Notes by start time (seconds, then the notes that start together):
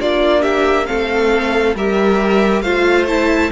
0.00 A#3 D4 F4 D5
0.42 G4 E5
0.87 A3 C4 A4 F5
1.75 G3 G4 A#4 E5
2.62 A3 F4 C5 F5
3.08 E4 A5